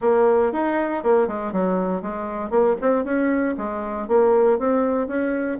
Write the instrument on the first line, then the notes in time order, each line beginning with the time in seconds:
bassoon
0.01 A#3
0.52 D#4
1.03 A#3
1.27 G#3
1.52 F#3
2.02 G#3
2.50 A#3
2.81 C4
3.04 C#4
3.57 G#3
4.08 A#3
4.59 C4
5.07 C#4